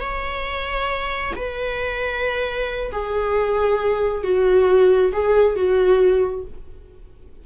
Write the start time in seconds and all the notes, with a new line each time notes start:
0.00 C#5
1.36 B4
2.92 G#4
4.23 F#4
5.12 G#4
5.56 F#4